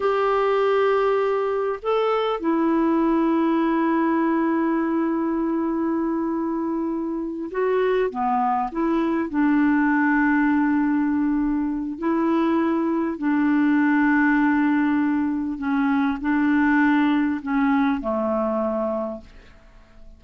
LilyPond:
\new Staff \with { instrumentName = "clarinet" } { \time 4/4 \tempo 4 = 100 g'2. a'4 | e'1~ | e'1~ | e'8 fis'4 b4 e'4 d'8~ |
d'1 | e'2 d'2~ | d'2 cis'4 d'4~ | d'4 cis'4 a2 | }